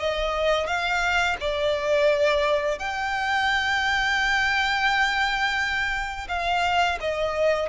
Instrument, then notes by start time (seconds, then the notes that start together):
violin
0.00 D#5
0.67 F5
1.41 D5
2.79 G5
6.29 F5
7.01 D#5